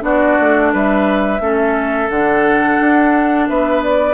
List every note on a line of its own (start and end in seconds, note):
0.00 0.37 B3
0.00 1.38 D4
0.00 0.72 F#4
0.00 0.73 D5
0.40 0.73 A3
0.72 1.40 G3
0.72 1.41 B4
0.72 2.09 E5
1.40 2.09 A3
1.40 2.09 C#4
1.40 3.48 A4
2.09 2.78 D3
2.09 4.14 D4
2.09 3.47 F#5
2.80 3.49 D4
3.48 4.14 B3
3.48 4.14 B4
3.48 3.82 E5
3.83 4.14 D5